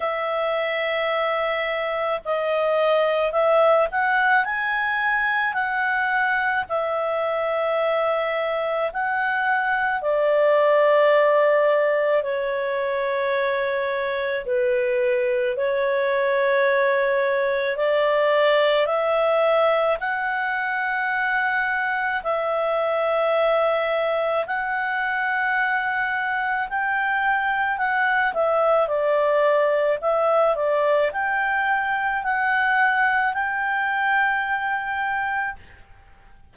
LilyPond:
\new Staff \with { instrumentName = "clarinet" } { \time 4/4 \tempo 4 = 54 e''2 dis''4 e''8 fis''8 | gis''4 fis''4 e''2 | fis''4 d''2 cis''4~ | cis''4 b'4 cis''2 |
d''4 e''4 fis''2 | e''2 fis''2 | g''4 fis''8 e''8 d''4 e''8 d''8 | g''4 fis''4 g''2 | }